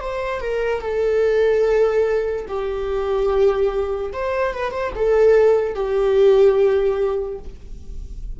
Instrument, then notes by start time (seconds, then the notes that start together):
viola
0.00 C5
0.41 A#4
0.81 A4
2.48 G4
4.12 C5
4.54 B4
4.71 C5
4.95 A4
5.75 G4